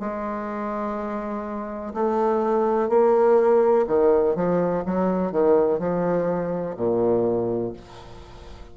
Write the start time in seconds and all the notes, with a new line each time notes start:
0.00 G#3
1.94 A3
2.89 A#3
3.87 D#3
4.35 F3
4.85 F#3
5.32 D#3
5.79 F3
6.77 A#2